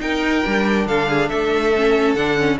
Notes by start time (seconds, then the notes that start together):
0.00 D#4 A#4 G5
0.45 G3 D4
0.87 D3 A4 F5
1.09 G#4
1.29 A3 A4 E5
1.76 C#4
2.15 D3 D4 F#5
2.38 C#4